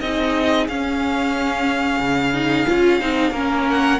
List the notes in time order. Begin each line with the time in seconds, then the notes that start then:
0.00 C4 D#4 G#4 D#5
0.68 C#4 F5
1.99 C#3
2.33 D#4
2.66 C#4 F4
2.99 C4 D#4
3.31 A#3 C#4 A#4
3.69 F#5